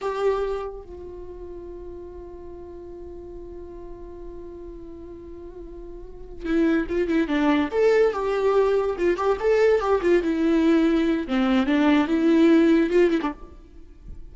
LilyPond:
\new Staff \with { instrumentName = "viola" } { \time 4/4 \tempo 4 = 144 g'2 f'2~ | f'1~ | f'1~ | f'2.~ f'8 e'8~ |
e'8 f'8 e'8 d'4 a'4 g'8~ | g'4. f'8 g'8 a'4 g'8 | f'8 e'2~ e'8 c'4 | d'4 e'2 f'8 e'16 d'16 | }